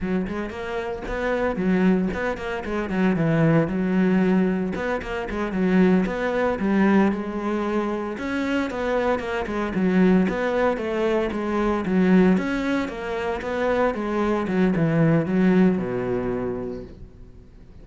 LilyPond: \new Staff \with { instrumentName = "cello" } { \time 4/4 \tempo 4 = 114 fis8 gis8 ais4 b4 fis4 | b8 ais8 gis8 fis8 e4 fis4~ | fis4 b8 ais8 gis8 fis4 b8~ | b8 g4 gis2 cis'8~ |
cis'8 b4 ais8 gis8 fis4 b8~ | b8 a4 gis4 fis4 cis'8~ | cis'8 ais4 b4 gis4 fis8 | e4 fis4 b,2 | }